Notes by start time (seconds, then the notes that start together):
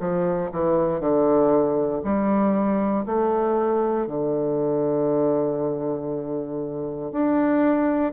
0.00 F3
0.52 E3
1.00 D3
2.04 G3
3.06 A3
4.07 D3
7.12 D4